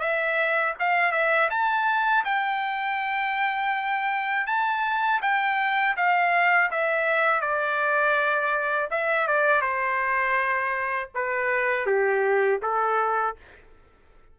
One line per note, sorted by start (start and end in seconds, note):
0.00 0.74 E5
0.79 1.12 F5
1.12 1.49 E5
1.50 2.24 A5
2.25 4.46 G5
4.46 5.21 A5
5.22 5.96 G5
5.97 6.71 F5
6.71 7.41 E5
7.41 8.89 D5
8.91 9.27 E5
9.27 9.61 D5
9.61 11.09 C5
11.14 11.86 B4
11.86 12.60 G4
12.62 13.36 A4